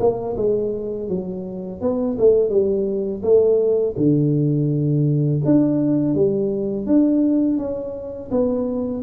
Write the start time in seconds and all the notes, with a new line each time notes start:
0.00 A#3
0.36 G#3
1.09 F#3
1.81 B3
2.19 A3
2.50 G3
3.23 A3
3.97 D3
5.45 D4
6.15 G3
6.86 D4
7.58 C#4
8.31 B3